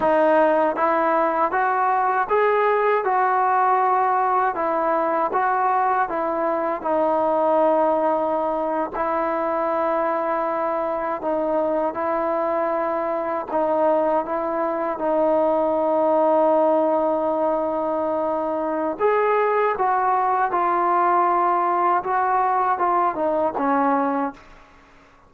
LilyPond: \new Staff \with { instrumentName = "trombone" } { \time 4/4 \tempo 4 = 79 dis'4 e'4 fis'4 gis'4 | fis'2 e'4 fis'4 | e'4 dis'2~ dis'8. e'16~ | e'2~ e'8. dis'4 e'16~ |
e'4.~ e'16 dis'4 e'4 dis'16~ | dis'1~ | dis'4 gis'4 fis'4 f'4~ | f'4 fis'4 f'8 dis'8 cis'4 | }